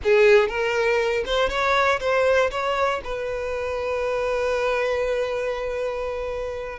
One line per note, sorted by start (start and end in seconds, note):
0.03 0.48 G#4
0.48 1.24 A#4
1.25 1.49 C5
1.49 1.99 C#5
2.00 2.50 C5
2.50 3.01 C#5
3.03 6.79 B4